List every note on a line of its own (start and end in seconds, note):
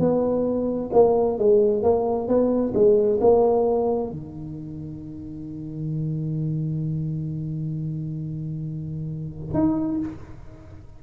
0.00 0.91 B3
0.94 1.39 A#3
1.39 1.83 G#3
1.83 2.28 A#3
2.28 2.74 B3
2.75 3.20 G#3
3.21 4.11 A#3
4.11 9.54 D#3
9.54 10.00 D#4